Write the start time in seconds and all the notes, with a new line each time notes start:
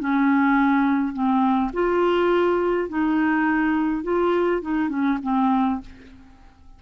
0.00 C#4
1.13 C4
1.73 F4
2.89 D#4
4.03 F4
4.62 D#4
4.90 C#4
5.23 C4